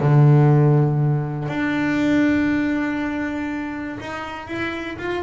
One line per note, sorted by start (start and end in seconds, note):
0.00 1.49 D3
1.49 3.99 D4
4.00 4.47 D#4
4.47 4.97 E4
4.99 5.23 F4